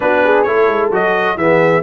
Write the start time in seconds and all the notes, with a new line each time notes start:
0.00 B3 D4 F#4 B4
0.24 G#4
0.42 A3 E4 A4 C#5
0.67 G#3
0.91 F#3 F#4 D#5
1.36 E3 B3 G#4 E5